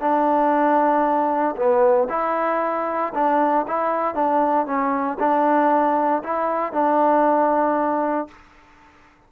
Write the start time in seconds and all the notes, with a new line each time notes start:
0.00 D4
1.56 B3
2.09 E4
3.14 D4
3.67 E4
4.14 D4
4.66 C#4
5.19 D4
6.23 E4
6.72 D4